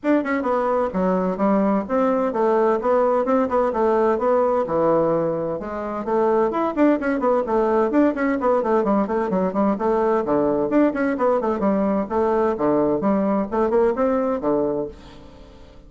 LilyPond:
\new Staff \with { instrumentName = "bassoon" } { \time 4/4 \tempo 4 = 129 d'8 cis'8 b4 fis4 g4 | c'4 a4 b4 c'8 b8 | a4 b4 e2 | gis4 a4 e'8 d'8 cis'8 b8 |
a4 d'8 cis'8 b8 a8 g8 a8 | fis8 g8 a4 d4 d'8 cis'8 | b8 a8 g4 a4 d4 | g4 a8 ais8 c'4 d4 | }